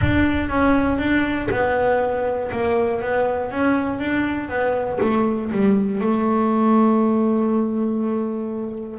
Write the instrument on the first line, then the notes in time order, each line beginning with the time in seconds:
double bass
0.01 D4
0.49 C#4
0.98 D4
1.50 B3
2.51 A#3
3.01 B3
3.51 C#4
3.99 D4
4.49 B3
5.00 A3
5.51 G3
6.00 A3